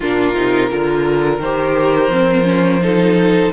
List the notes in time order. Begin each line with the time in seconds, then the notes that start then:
0.00 A#2 D4 F4 A#4
0.34 C3 D#4
0.69 D3 F4 A#4
1.39 D#3 G4 C5
2.09 F3 C4
2.43 C#4
2.82 D#4 A4